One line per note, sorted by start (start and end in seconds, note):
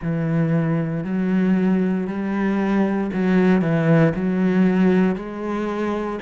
0.02 1.03 E3
1.03 2.07 F#3
2.07 3.10 G3
3.13 3.61 F#3
3.61 4.13 E3
4.14 5.15 F#3
5.15 6.19 G#3